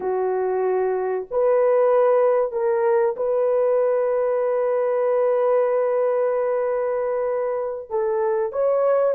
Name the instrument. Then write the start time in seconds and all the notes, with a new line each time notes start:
horn
0.00 F#4
1.30 B4
2.51 A#4
3.16 B4
7.89 A4
8.52 C#5